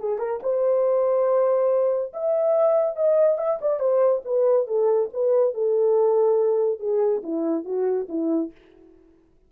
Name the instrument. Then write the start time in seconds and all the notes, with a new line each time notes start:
horn
0.00 G#4
0.19 A#4
0.43 C5
2.14 E5
2.96 D#5
3.38 E5
3.61 D5
3.80 C5
4.25 B4
4.67 A4
5.13 B4
5.54 A4
6.80 G#4
7.24 E4
7.65 F#4
8.09 E4